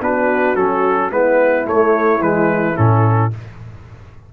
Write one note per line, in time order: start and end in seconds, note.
0.00 0.55 B3
0.00 0.56 D4
0.00 1.11 F#4
0.00 0.55 B4
0.55 1.11 F#3
0.55 1.10 C#4
0.55 1.10 A4
1.10 1.66 G#3
1.10 1.65 B3
1.10 3.31 E4
1.10 1.66 B4
1.65 2.20 A3
1.65 2.19 A3
1.65 2.22 C#5
2.19 2.74 E3
2.19 2.76 G#3
2.19 2.77 B4
2.76 3.33 A2
2.76 3.31 C#4
2.76 3.32 A4